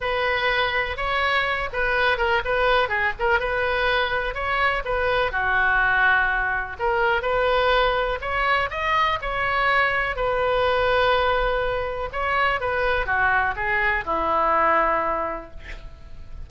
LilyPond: \new Staff \with { instrumentName = "oboe" } { \time 4/4 \tempo 4 = 124 b'2 cis''4. b'8~ | b'8 ais'8 b'4 gis'8 ais'8 b'4~ | b'4 cis''4 b'4 fis'4~ | fis'2 ais'4 b'4~ |
b'4 cis''4 dis''4 cis''4~ | cis''4 b'2.~ | b'4 cis''4 b'4 fis'4 | gis'4 e'2. | }